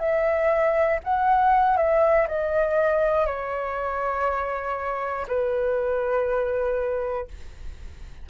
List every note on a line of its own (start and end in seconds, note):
0.00 1.00 E5
1.04 1.77 F#5
1.77 2.27 E5
2.28 3.27 D#5
3.27 5.27 C#5
5.28 7.28 B4